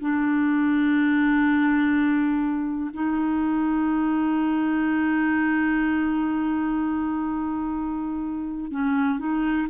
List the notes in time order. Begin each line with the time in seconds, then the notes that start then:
0.00 D4
2.93 D#4
8.71 C#4
9.19 D#4